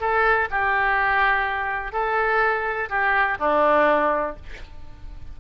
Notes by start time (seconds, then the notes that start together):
0.00 A4
0.51 G4
1.92 A4
2.89 G4
3.39 D4